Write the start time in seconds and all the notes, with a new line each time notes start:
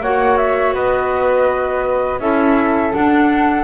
0.00 A#3 F#4 C#5 F#5
0.37 E5
0.73 B3 B4 D#5
2.19 C#4 E4 A4 E5
2.92 D4 F#5